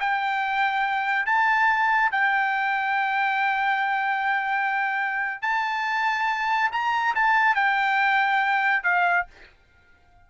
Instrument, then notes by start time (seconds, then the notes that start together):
trumpet
0.00 G5
1.26 A5
2.11 G5
5.42 A5
6.72 A#5
7.15 A5
7.55 G5
8.84 F5